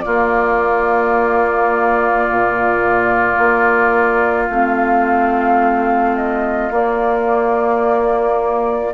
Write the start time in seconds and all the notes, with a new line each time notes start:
0.00 A#3 F4 D5
2.30 A#2
3.38 A#3
4.49 A3 C4 F5
6.16 D#5
6.70 A#3 D5